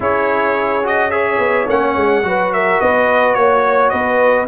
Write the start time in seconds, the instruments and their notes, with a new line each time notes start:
0.00 tuba C#4, trombone E4, horn G#4, trumpet C#5
0.83 trombone F#4, trumpet D#5
1.10 trombone G#4, horn C#5, trumpet E5
1.38 tuba B3
1.68 tuba A#3, trombone C#4, trumpet F#5
1.95 tuba G#3
2.23 tuba F#3, trombone F#4, horn B4
2.53 horn A#4, trumpet E5
2.80 tuba B3, horn B4, trumpet D#5
3.34 tuba A#3, trumpet C#5, horn C#5
3.89 tuba B3, horn B4, trumpet D#5